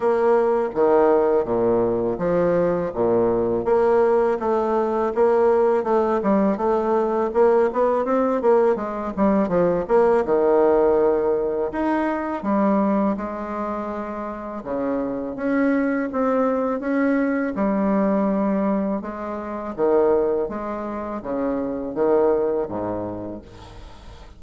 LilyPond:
\new Staff \with { instrumentName = "bassoon" } { \time 4/4 \tempo 4 = 82 ais4 dis4 ais,4 f4 | ais,4 ais4 a4 ais4 | a8 g8 a4 ais8 b8 c'8 ais8 | gis8 g8 f8 ais8 dis2 |
dis'4 g4 gis2 | cis4 cis'4 c'4 cis'4 | g2 gis4 dis4 | gis4 cis4 dis4 gis,4 | }